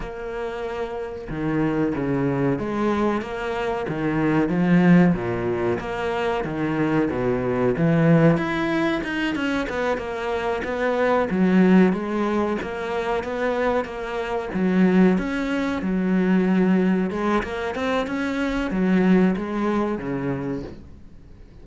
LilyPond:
\new Staff \with { instrumentName = "cello" } { \time 4/4 \tempo 4 = 93 ais2 dis4 cis4 | gis4 ais4 dis4 f4 | ais,4 ais4 dis4 b,4 | e4 e'4 dis'8 cis'8 b8 ais8~ |
ais8 b4 fis4 gis4 ais8~ | ais8 b4 ais4 fis4 cis'8~ | cis'8 fis2 gis8 ais8 c'8 | cis'4 fis4 gis4 cis4 | }